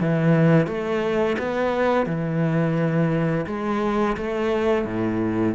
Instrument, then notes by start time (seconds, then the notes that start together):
cello
0.00 E3
0.67 A3
1.38 B3
2.06 E3
3.46 G#3
4.16 A3
4.85 A2